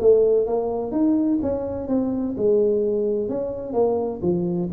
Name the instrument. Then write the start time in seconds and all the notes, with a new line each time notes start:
tuba
0.00 A3
0.46 A#3
0.92 D#4
1.42 C#4
1.88 C4
2.37 G#3
3.29 C#4
3.73 A#3
4.22 F3